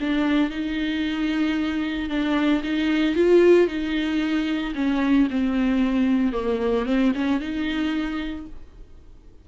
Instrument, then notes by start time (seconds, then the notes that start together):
viola
0.00 D4
0.50 D#4
2.09 D4
2.63 D#4
3.15 F4
3.67 D#4
4.75 C#4
5.30 C4
6.33 A#3
6.86 C4
7.15 C#4
7.40 D#4